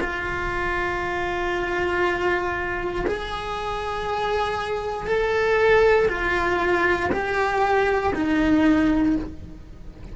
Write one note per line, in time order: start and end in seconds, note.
0.00 3.05 F4
3.06 5.07 G#4
5.07 6.08 A4
6.08 7.10 F4
7.11 8.13 G4
8.14 9.16 D#4